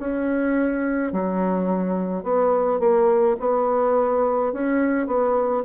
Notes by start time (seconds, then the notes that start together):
0.00 C#4
1.13 F#3
2.24 B3
2.80 A#3
3.40 B3
4.53 C#4
5.07 B3